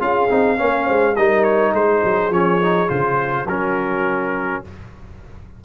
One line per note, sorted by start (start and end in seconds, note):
0.00 0.30 C#4
0.00 0.29 F4
0.00 0.58 G#4
0.00 1.16 F5
0.29 0.60 C4
0.29 0.57 D#4
0.57 0.89 A#3
0.57 1.15 C#4
0.57 0.85 C#5
0.85 1.17 G#3
0.85 1.14 C5
1.16 1.73 G3
1.16 2.32 D#4
1.16 1.74 A#4
1.16 1.44 D#5
1.44 1.73 C#5
1.73 2.02 G#3
1.73 3.48 G#4
1.73 2.33 C5
2.05 2.30 F#3
2.30 2.88 F3
2.30 2.61 C#4
2.30 2.90 C#5
2.61 2.88 D#4
2.88 3.46 C#3
2.88 3.46 F4
2.88 3.47 C5
3.46 4.62 F#3
3.46 4.65 C#4
3.46 4.63 F#4
3.46 4.64 A#4